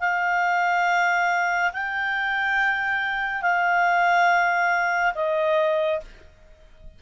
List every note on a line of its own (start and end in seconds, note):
0.00 1.71 F5
1.73 3.42 G5
3.42 5.14 F5
5.15 6.00 D#5